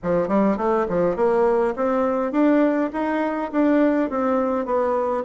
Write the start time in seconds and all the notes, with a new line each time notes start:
0.03 F3
0.28 G3
0.57 A3
0.88 F3
1.16 A#3
1.76 C4
2.32 D4
2.93 D#4
3.51 D4
4.10 C4
4.65 B3